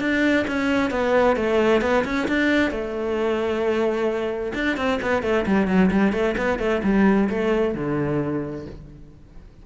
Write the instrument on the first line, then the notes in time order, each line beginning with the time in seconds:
cello
0.00 D4
0.47 C#4
0.90 B3
1.36 A3
1.81 B3
2.05 C#4
2.27 D4
2.71 A3
4.54 D4
4.76 C4
5.02 B3
5.23 A3
5.46 G3
5.67 F#3
5.91 G3
6.12 A3
6.37 B3
6.59 A3
6.83 G3
7.29 A3
7.74 D3